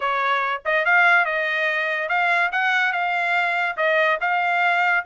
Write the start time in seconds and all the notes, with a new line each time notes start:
0.00 C#5
0.65 D#5
0.85 F5
1.25 D#5
2.09 F5
2.52 F#5
2.92 F5
3.76 D#5
4.21 F5